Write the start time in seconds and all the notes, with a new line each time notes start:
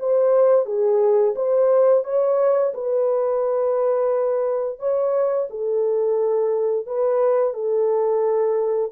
0.00 C5
0.66 G#4
1.36 C5
2.04 C#5
2.75 B4
4.80 C#5
5.51 A4
6.87 B4
7.54 A4